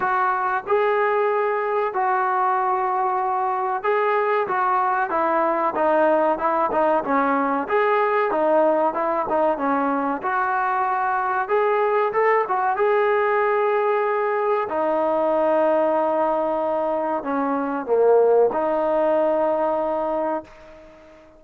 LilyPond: \new Staff \with { instrumentName = "trombone" } { \time 4/4 \tempo 4 = 94 fis'4 gis'2 fis'4~ | fis'2 gis'4 fis'4 | e'4 dis'4 e'8 dis'8 cis'4 | gis'4 dis'4 e'8 dis'8 cis'4 |
fis'2 gis'4 a'8 fis'8 | gis'2. dis'4~ | dis'2. cis'4 | ais4 dis'2. | }